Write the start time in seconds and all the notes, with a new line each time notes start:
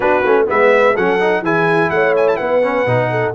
0.00 B3 D4 F#4 B4
0.24 A3 C#4
0.46 G#3 B3 B4 E5
0.94 F#3 C#4 A4 F#5
1.20 D#4
1.41 E3 E4 G#4 G#5
1.89 A3 C#5 F#5
2.16 G#5
2.28 A5
2.36 B3 B4 F#5
2.62 C#4
2.86 B2 D#4
3.10 A4